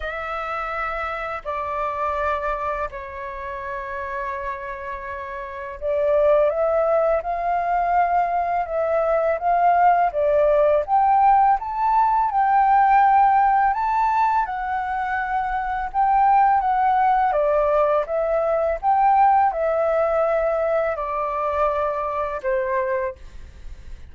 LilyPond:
\new Staff \with { instrumentName = "flute" } { \time 4/4 \tempo 4 = 83 e''2 d''2 | cis''1 | d''4 e''4 f''2 | e''4 f''4 d''4 g''4 |
a''4 g''2 a''4 | fis''2 g''4 fis''4 | d''4 e''4 g''4 e''4~ | e''4 d''2 c''4 | }